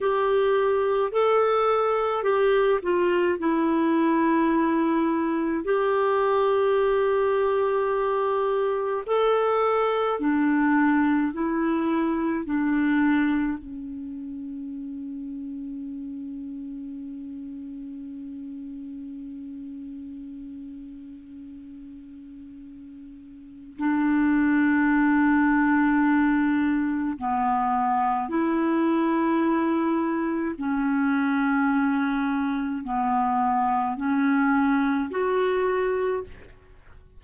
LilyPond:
\new Staff \with { instrumentName = "clarinet" } { \time 4/4 \tempo 4 = 53 g'4 a'4 g'8 f'8 e'4~ | e'4 g'2. | a'4 d'4 e'4 d'4 | cis'1~ |
cis'1~ | cis'4 d'2. | b4 e'2 cis'4~ | cis'4 b4 cis'4 fis'4 | }